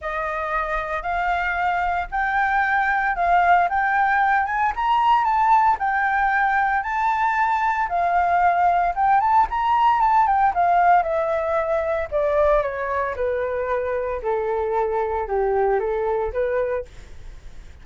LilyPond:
\new Staff \with { instrumentName = "flute" } { \time 4/4 \tempo 4 = 114 dis''2 f''2 | g''2 f''4 g''4~ | g''8 gis''8 ais''4 a''4 g''4~ | g''4 a''2 f''4~ |
f''4 g''8 a''8 ais''4 a''8 g''8 | f''4 e''2 d''4 | cis''4 b'2 a'4~ | a'4 g'4 a'4 b'4 | }